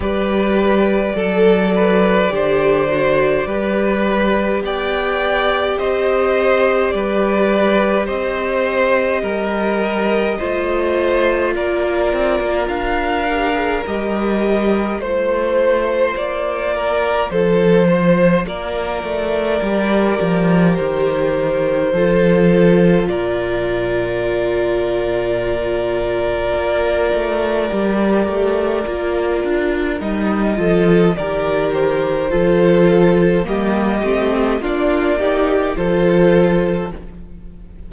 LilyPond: <<
  \new Staff \with { instrumentName = "violin" } { \time 4/4 \tempo 4 = 52 d''1 | g''4 dis''4 d''4 dis''4~ | dis''2 d''4 f''4 | dis''4 c''4 d''4 c''4 |
d''2 c''2 | d''1~ | d''2 dis''4 d''8 c''8~ | c''4 dis''4 d''4 c''4 | }
  \new Staff \with { instrumentName = "violin" } { \time 4/4 b'4 a'8 b'8 c''4 b'4 | d''4 c''4 b'4 c''4 | ais'4 c''4 ais'2~ | ais'4 c''4. ais'8 a'8 c''8 |
ais'2. a'4 | ais'1~ | ais'2~ ais'8 a'8 ais'4 | a'4 g'4 f'8 g'8 a'4 | }
  \new Staff \with { instrumentName = "viola" } { \time 4/4 g'4 a'4 g'8 fis'8 g'4~ | g'1~ | g'4 f'2~ f'8 g'16 gis'16 | g'4 f'2.~ |
f'4 g'2 f'4~ | f'1 | g'4 f'4 dis'8 f'8 g'4 | f'4 ais8 c'8 d'8 dis'8 f'4 | }
  \new Staff \with { instrumentName = "cello" } { \time 4/4 g4 fis4 d4 g4 | b4 c'4 g4 c'4 | g4 a4 ais8 c'16 ais16 d'4 | g4 a4 ais4 f4 |
ais8 a8 g8 f8 dis4 f4 | ais,2. ais8 a8 | g8 a8 ais8 d'8 g8 f8 dis4 | f4 g8 a8 ais4 f4 | }
>>